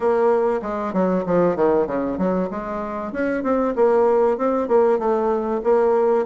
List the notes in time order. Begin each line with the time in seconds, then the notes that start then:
0.00 A#3
0.62 G#3
0.93 F#3
1.26 F3
1.55 D#3
1.87 C#3
2.17 F#3
2.50 G#3
3.12 C#4
3.43 C4
3.75 A#3
4.38 C4
4.68 A#3
4.98 A3
5.63 A#3